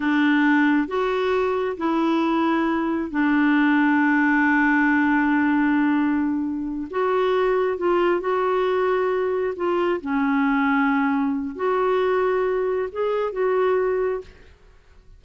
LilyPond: \new Staff \with { instrumentName = "clarinet" } { \time 4/4 \tempo 4 = 135 d'2 fis'2 | e'2. d'4~ | d'1~ | d'2.~ d'8 fis'8~ |
fis'4. f'4 fis'4.~ | fis'4. f'4 cis'4.~ | cis'2 fis'2~ | fis'4 gis'4 fis'2 | }